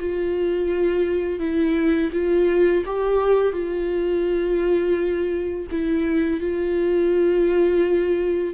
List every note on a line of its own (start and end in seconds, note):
0.00 1.39 F4
1.39 2.11 E4
2.12 2.84 F4
2.86 3.53 G4
3.53 5.67 F4
5.71 6.40 E4
6.40 8.54 F4